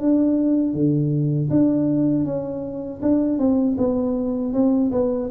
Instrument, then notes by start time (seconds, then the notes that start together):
tuba
0.00 D4
0.74 D3
1.50 D4
2.25 C#4
3.02 D4
3.39 C4
3.78 B3
4.54 C4
4.92 B3